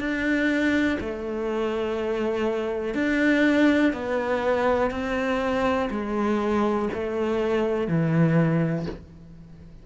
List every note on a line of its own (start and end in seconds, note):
0.00 0.98 D4
1.01 2.95 A3
2.95 3.93 D4
3.93 4.91 B3
4.91 5.89 C4
5.91 6.89 G#3
6.94 7.88 A3
7.88 8.86 E3